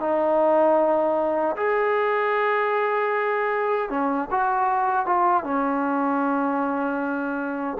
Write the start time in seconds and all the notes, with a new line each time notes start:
0.00 D#4
1.56 G#4
3.89 C#4
4.30 F#4
5.06 F4
5.44 C#4